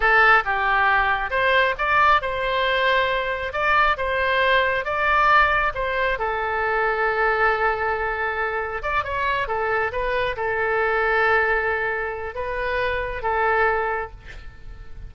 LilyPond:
\new Staff \with { instrumentName = "oboe" } { \time 4/4 \tempo 4 = 136 a'4 g'2 c''4 | d''4 c''2. | d''4 c''2 d''4~ | d''4 c''4 a'2~ |
a'1 | d''8 cis''4 a'4 b'4 a'8~ | a'1 | b'2 a'2 | }